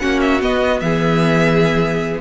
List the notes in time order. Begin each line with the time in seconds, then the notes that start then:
0.00 A#3 C#4 F#4 F#5
0.21 E5
0.41 B3 D#5
0.80 E3 G#4 E5